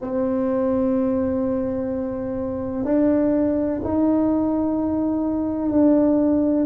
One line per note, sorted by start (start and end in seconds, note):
0.01 2.84 C4
2.84 3.80 D4
3.84 5.71 D#4
5.71 6.66 D4